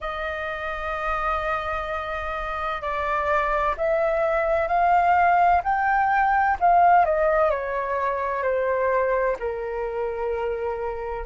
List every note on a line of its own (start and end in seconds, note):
0.00 2.81 D#5
2.81 3.75 D5
3.77 4.67 E5
4.67 5.61 F5
5.63 6.57 G5
6.60 7.05 F5
7.05 7.50 D#5
7.50 8.42 C#5
8.42 9.36 C5
9.39 11.25 A#4